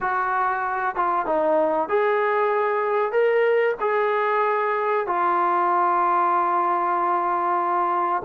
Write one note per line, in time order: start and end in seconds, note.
0.00 0.95 F#4
0.95 1.26 F4
1.26 1.89 D#4
1.89 3.11 G#4
3.11 3.75 A#4
3.80 5.06 G#4
5.06 8.22 F4